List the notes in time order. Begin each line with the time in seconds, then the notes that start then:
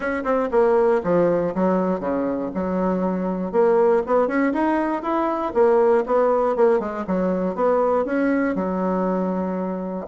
0.00 C#4
0.24 C4
0.51 A#3
1.03 F3
1.54 F#3
1.99 C#3
2.54 F#3
3.52 A#3
4.06 B3
4.27 C#4
4.53 D#4
5.02 E4
5.54 A#3
6.06 B3
6.56 A#3
6.79 G#3
7.07 F#3
7.55 B3
8.05 C#4
8.55 F#3